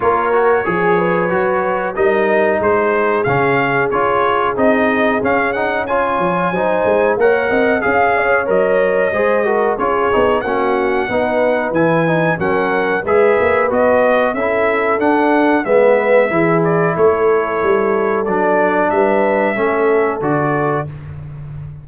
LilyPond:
<<
  \new Staff \with { instrumentName = "trumpet" } { \time 4/4 \tempo 4 = 92 cis''2. dis''4 | c''4 f''4 cis''4 dis''4 | f''8 fis''8 gis''2 fis''4 | f''4 dis''2 cis''4 |
fis''2 gis''4 fis''4 | e''4 dis''4 e''4 fis''4 | e''4. d''8 cis''2 | d''4 e''2 d''4 | }
  \new Staff \with { instrumentName = "horn" } { \time 4/4 ais'4 gis'8 b'4. ais'4 | gis'1~ | gis'4 cis''4 c''4 cis''8 dis''8 | f''8 cis''4. c''8 ais'8 gis'4 |
fis'4 b'2 ais'4 | b'2 a'2 | b'4 gis'4 a'2~ | a'4 b'4 a'2 | }
  \new Staff \with { instrumentName = "trombone" } { \time 4/4 f'8 fis'8 gis'4 fis'4 dis'4~ | dis'4 cis'4 f'4 dis'4 | cis'8 dis'8 f'4 dis'4 ais'4 | gis'4 ais'4 gis'8 fis'8 f'8 dis'8 |
cis'4 dis'4 e'8 dis'8 cis'4 | gis'4 fis'4 e'4 d'4 | b4 e'2. | d'2 cis'4 fis'4 | }
  \new Staff \with { instrumentName = "tuba" } { \time 4/4 ais4 f4 fis4 g4 | gis4 cis4 cis'4 c'4 | cis'4. f8 fis8 gis8 ais8 c'8 | cis'4 fis4 gis4 cis'8 b8 |
ais4 b4 e4 fis4 | gis8 ais8 b4 cis'4 d'4 | gis4 e4 a4 g4 | fis4 g4 a4 d4 | }
>>